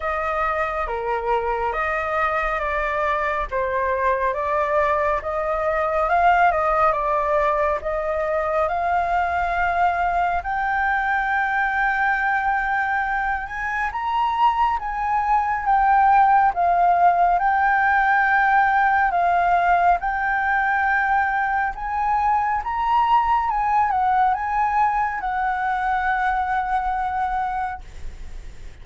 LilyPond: \new Staff \with { instrumentName = "flute" } { \time 4/4 \tempo 4 = 69 dis''4 ais'4 dis''4 d''4 | c''4 d''4 dis''4 f''8 dis''8 | d''4 dis''4 f''2 | g''2.~ g''8 gis''8 |
ais''4 gis''4 g''4 f''4 | g''2 f''4 g''4~ | g''4 gis''4 ais''4 gis''8 fis''8 | gis''4 fis''2. | }